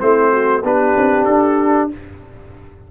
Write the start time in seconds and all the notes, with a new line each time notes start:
0.00 A3 C4 E4 C5
0.32 F#4
0.64 B3 D4 G4 B4
0.97 C4
1.25 D4 A4